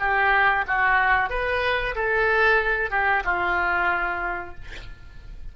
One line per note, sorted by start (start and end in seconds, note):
0.00 0.65 G4
0.68 1.30 F#4
1.30 1.95 B4
1.96 2.91 A4
2.91 3.23 G4
3.25 4.55 F4